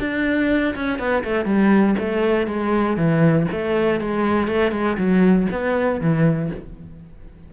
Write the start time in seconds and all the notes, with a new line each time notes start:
0.00 D4
0.75 C#4
0.99 B3
1.24 A3
1.45 G3
1.99 A3
2.47 G#3
2.97 E3
3.52 A3
4.01 G#3
4.48 A3
4.72 G#3
4.97 F#3
5.51 B3
6.01 E3